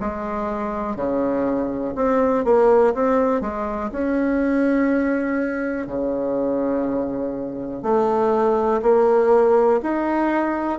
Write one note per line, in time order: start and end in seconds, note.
0.00 0.96 G#3
0.96 1.94 C#3
1.95 2.44 C4
2.44 2.93 A#3
2.94 3.41 C4
3.41 3.90 G#3
3.92 5.87 C#4
5.87 7.82 C#3
7.82 8.81 A3
8.82 9.80 A#3
9.82 10.79 D#4